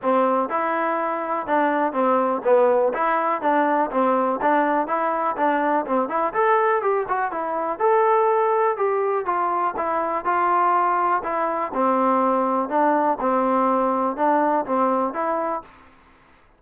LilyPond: \new Staff \with { instrumentName = "trombone" } { \time 4/4 \tempo 4 = 123 c'4 e'2 d'4 | c'4 b4 e'4 d'4 | c'4 d'4 e'4 d'4 | c'8 e'8 a'4 g'8 fis'8 e'4 |
a'2 g'4 f'4 | e'4 f'2 e'4 | c'2 d'4 c'4~ | c'4 d'4 c'4 e'4 | }